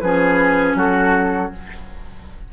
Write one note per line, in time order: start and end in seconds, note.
0.00 0.74 F3
0.00 1.52 C#4
0.00 0.77 G#4
0.00 0.75 B4
0.74 1.49 F#3
0.74 1.52 F#4
0.74 1.52 A4